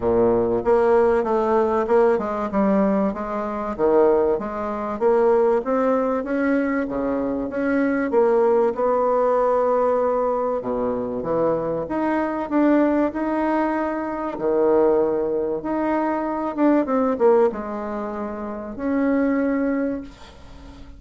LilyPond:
\new Staff \with { instrumentName = "bassoon" } { \time 4/4 \tempo 4 = 96 ais,4 ais4 a4 ais8 gis8 | g4 gis4 dis4 gis4 | ais4 c'4 cis'4 cis4 | cis'4 ais4 b2~ |
b4 b,4 e4 dis'4 | d'4 dis'2 dis4~ | dis4 dis'4. d'8 c'8 ais8 | gis2 cis'2 | }